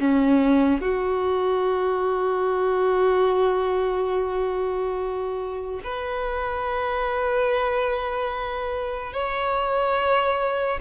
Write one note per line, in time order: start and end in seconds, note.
0.00 0.81 C#4
0.81 5.81 F#4
5.84 9.13 B4
9.13 10.80 C#5